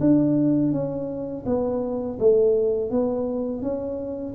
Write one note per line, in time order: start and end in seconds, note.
0.00 0.72 D4
0.72 1.45 C#4
1.46 2.18 B3
2.19 2.91 A3
2.91 3.62 B3
3.62 4.34 C#4